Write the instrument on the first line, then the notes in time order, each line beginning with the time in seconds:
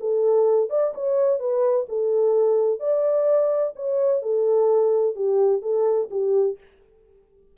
horn
0.00 A4
0.70 D5
0.95 C#5
1.39 B4
1.89 A4
2.80 D5
3.76 C#5
4.22 A4
5.15 G4
5.62 A4
6.10 G4